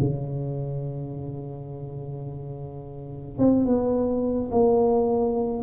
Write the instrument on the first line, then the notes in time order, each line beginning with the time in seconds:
tuba
0.00 C#3
3.38 C4
3.65 B3
4.51 A#3